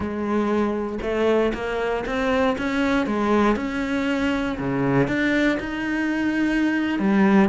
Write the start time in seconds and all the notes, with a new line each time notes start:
0.00 G#3
1.01 A3
1.54 A#3
2.06 C4
2.58 C#4
3.06 G#3
3.56 C#4
4.59 C#3
5.07 D4
5.59 D#4
6.99 G3